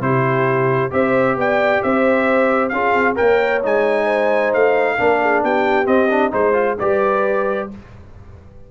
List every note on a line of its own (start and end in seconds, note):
0.00 0.90 C3
0.00 0.91 E4
0.00 0.92 G4
0.00 0.92 C5
0.91 1.36 C4
0.91 2.71 G4
0.91 1.37 C5
0.91 1.38 E5
1.36 1.81 B3
1.36 1.84 D5
1.36 1.82 G5
1.82 2.72 C4
1.82 2.73 C5
1.82 2.69 E5
2.69 2.94 C#4
2.69 3.15 F4
2.69 3.18 G#4
2.69 3.14 F5
2.94 3.17 C4
3.15 3.64 A#3
3.15 3.60 A#4
3.15 4.04 C#5
3.15 3.62 G5
3.63 4.54 G#3
3.63 4.98 D#4
3.63 4.53 G#5
4.04 4.95 C5
4.53 4.99 A3
4.53 5.44 F5
4.97 5.43 A#3
4.97 5.85 D4
4.97 5.20 A#4
5.21 5.43 G#4
5.43 5.87 B3
5.43 6.32 G4
5.43 5.86 G5
5.85 6.08 C4
5.85 6.32 C4
5.85 6.32 D#5
6.11 6.31 D4
6.31 6.78 G#3
6.31 6.53 D#4
6.31 6.77 C5
6.31 6.78 C5
6.53 6.76 F4
6.79 7.71 G3
6.79 7.71 G4
6.79 7.70 B4
6.79 7.69 D5